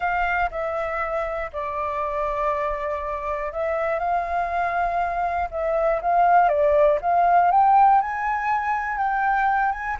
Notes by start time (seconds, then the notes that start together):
0.00 F5
0.50 E5
1.52 D5
3.52 E5
3.99 F5
5.50 E5
6.01 F5
6.48 D5
7.01 F5
7.51 G5
8.01 G#5
8.97 G5
9.71 G#5